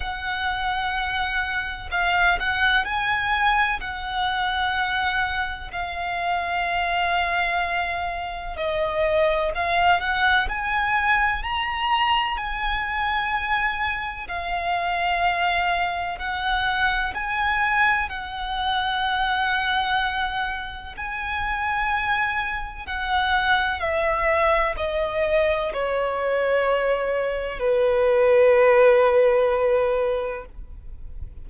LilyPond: \new Staff \with { instrumentName = "violin" } { \time 4/4 \tempo 4 = 63 fis''2 f''8 fis''8 gis''4 | fis''2 f''2~ | f''4 dis''4 f''8 fis''8 gis''4 | ais''4 gis''2 f''4~ |
f''4 fis''4 gis''4 fis''4~ | fis''2 gis''2 | fis''4 e''4 dis''4 cis''4~ | cis''4 b'2. | }